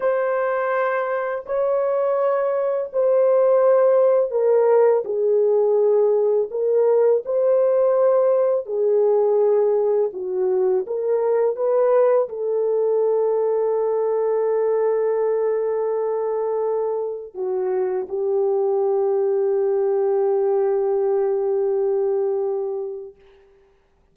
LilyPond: \new Staff \with { instrumentName = "horn" } { \time 4/4 \tempo 4 = 83 c''2 cis''2 | c''2 ais'4 gis'4~ | gis'4 ais'4 c''2 | gis'2 fis'4 ais'4 |
b'4 a'2.~ | a'1 | fis'4 g'2.~ | g'1 | }